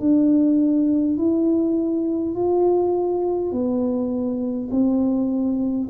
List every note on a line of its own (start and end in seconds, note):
0.00 1.18 D4
1.18 2.35 E4
2.35 3.52 F4
3.52 4.70 B3
4.71 5.89 C4